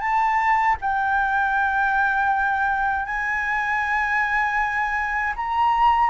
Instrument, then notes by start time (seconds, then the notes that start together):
flute
0.00 A5
0.81 G5
3.05 G#5
5.35 A#5